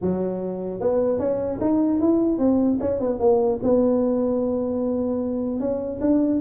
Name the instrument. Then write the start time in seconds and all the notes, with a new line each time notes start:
tuba
0.01 F#3
0.80 B3
1.19 C#4
1.60 D#4
2.00 E4
2.38 C4
2.80 C#4
2.99 B3
3.19 A#3
3.63 B3
5.60 C#4
6.00 D4